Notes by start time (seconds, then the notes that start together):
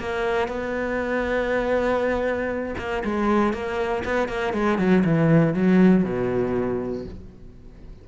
0.00 A#3
0.49 B3
2.78 A#3
3.05 G#3
3.54 A#3
4.05 B3
4.29 A#3
4.54 G#3
4.79 F#3
5.05 E3
5.55 F#3
6.05 B2